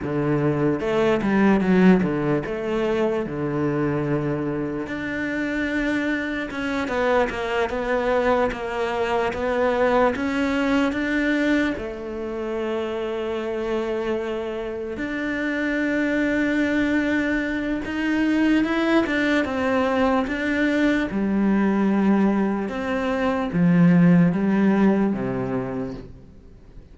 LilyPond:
\new Staff \with { instrumentName = "cello" } { \time 4/4 \tempo 4 = 74 d4 a8 g8 fis8 d8 a4 | d2 d'2 | cis'8 b8 ais8 b4 ais4 b8~ | b8 cis'4 d'4 a4.~ |
a2~ a8 d'4.~ | d'2 dis'4 e'8 d'8 | c'4 d'4 g2 | c'4 f4 g4 c4 | }